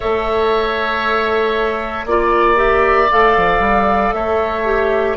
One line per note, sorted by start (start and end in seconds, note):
0.00 2.05 A3
0.00 2.07 A4
0.00 2.05 C#5
0.00 2.06 E5
2.05 3.09 A#3
2.05 2.55 F4
2.05 2.58 D5
2.05 4.15 D5
2.55 3.07 G4
2.55 3.09 E5
3.11 3.36 A3
3.11 4.64 A4
3.11 4.12 F5
3.36 3.59 F3
3.59 4.11 G3
4.12 5.16 A3
4.12 5.17 C#5
4.12 5.16 E5
4.64 5.16 G4